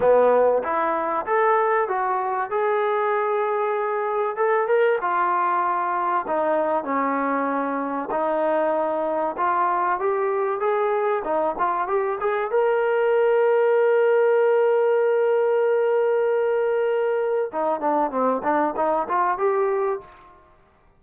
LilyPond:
\new Staff \with { instrumentName = "trombone" } { \time 4/4 \tempo 4 = 96 b4 e'4 a'4 fis'4 | gis'2. a'8 ais'8 | f'2 dis'4 cis'4~ | cis'4 dis'2 f'4 |
g'4 gis'4 dis'8 f'8 g'8 gis'8 | ais'1~ | ais'1 | dis'8 d'8 c'8 d'8 dis'8 f'8 g'4 | }